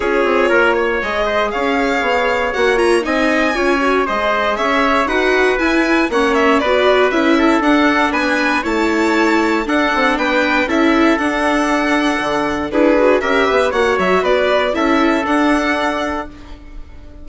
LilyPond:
<<
  \new Staff \with { instrumentName = "violin" } { \time 4/4 \tempo 4 = 118 cis''2 dis''4 f''4~ | f''4 fis''8 ais''8 gis''2 | dis''4 e''4 fis''4 gis''4 | fis''8 e''8 d''4 e''4 fis''4 |
gis''4 a''2 fis''4 | g''4 e''4 fis''2~ | fis''4 b'4 e''4 fis''8 e''8 | d''4 e''4 fis''2 | }
  \new Staff \with { instrumentName = "trumpet" } { \time 4/4 gis'4 ais'8 cis''4 c''8 cis''4~ | cis''2 dis''4 cis''4 | c''4 cis''4 b'2 | cis''4 b'4. a'4. |
b'4 cis''2 a'4 | b'4 a'2.~ | a'4 gis'4 ais'8 b'8 cis''4 | b'4 a'2. | }
  \new Staff \with { instrumentName = "viola" } { \time 4/4 f'2 gis'2~ | gis'4 fis'8 f'8 dis'4 f'8 fis'8 | gis'2 fis'4 e'4 | cis'4 fis'4 e'4 d'4~ |
d'4 e'2 d'4~ | d'4 e'4 d'2~ | d'4 e'8 fis'8 g'4 fis'4~ | fis'4 e'4 d'2 | }
  \new Staff \with { instrumentName = "bassoon" } { \time 4/4 cis'8 c'8 ais4 gis4 cis'4 | b4 ais4 c'4 cis'4 | gis4 cis'4 dis'4 e'4 | ais4 b4 cis'4 d'4 |
b4 a2 d'8 c'8 | b4 cis'4 d'2 | d4 d'4 cis'8 b8 ais8 fis8 | b4 cis'4 d'2 | }
>>